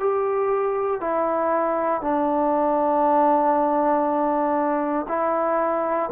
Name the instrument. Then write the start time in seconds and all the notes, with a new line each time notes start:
trombone
0.00 G4
1.01 E4
2.01 D4
5.08 E4